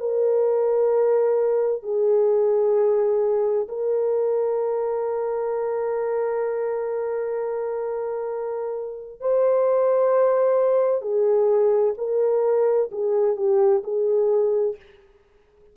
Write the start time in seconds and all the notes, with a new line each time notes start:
0.00 A#4
1.83 G#4
3.68 A#4
9.21 C5
11.02 G#4
11.98 A#4
12.92 G#4
13.37 G4
13.84 G#4